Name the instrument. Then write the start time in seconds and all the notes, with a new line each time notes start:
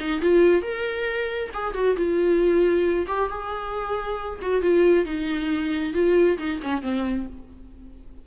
viola
0.00 D#4
0.22 F4
0.62 A#4
1.54 G#4
1.74 F#4
1.97 F4
3.08 G4
3.30 G#4
4.42 F#4
4.62 F4
5.06 D#4
5.94 F4
6.39 D#4
6.63 C#4
6.82 C4